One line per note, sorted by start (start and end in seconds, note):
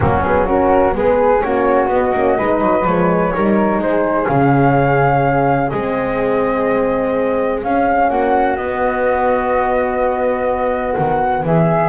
0.00 0.94 F#3
0.00 0.22 A#3
0.00 0.45 C#4
0.00 0.23 F#4
0.23 0.46 B3
0.23 0.47 G#4
0.45 0.91 C#4
0.45 0.93 F#4
0.45 0.95 A#4
0.91 1.42 G#3
0.91 1.39 B3
0.91 1.44 G#4
0.91 1.41 B4
1.41 1.88 A#3
1.41 1.90 C#4
1.41 2.37 F#4
1.41 1.88 C#5
1.88 2.12 B3
1.88 2.14 B3
1.88 2.86 D#5
2.13 2.37 A#3
2.13 2.36 C#4
2.36 2.61 G#3
2.36 2.84 D#4
2.36 3.33 B4
2.61 2.84 F#3
2.84 3.32 F3
2.84 3.33 G#3
2.84 3.81 C#5
3.33 3.78 G3
3.33 4.28 D#4
3.33 3.81 A#4
3.78 4.26 G#3
3.78 8.09 G#4
3.78 4.27 C5
4.27 5.71 C#3
4.27 5.73 C#4
4.27 5.69 F5
5.69 7.63 G#3
5.69 7.64 C4
5.69 7.60 D#5
7.63 8.10 C#4
7.63 8.59 C#4
7.63 8.09 F5
8.09 8.56 A#3
8.09 11.42 F#4
8.09 8.56 F#5
8.56 10.95 B3
8.56 11.89 B3
8.56 10.94 D#5
10.96 11.43 D#3
10.96 11.44 F#5
11.43 11.89 E3
11.43 11.89 G#4
11.43 11.89 E5